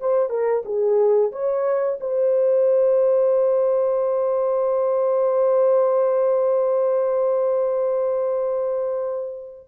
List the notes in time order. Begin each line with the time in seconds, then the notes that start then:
0.00 C5
0.30 A#4
0.65 G#4
1.32 C#5
2.01 C5